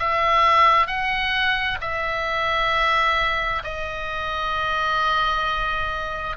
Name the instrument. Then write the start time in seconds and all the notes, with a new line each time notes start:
oboe
0.00 E5
0.88 F#5
1.81 E5
3.64 D#5